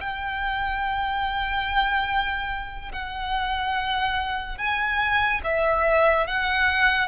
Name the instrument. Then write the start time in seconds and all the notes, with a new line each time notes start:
violin
0.00 G5
2.92 F#5
4.58 G#5
5.44 E5
6.27 F#5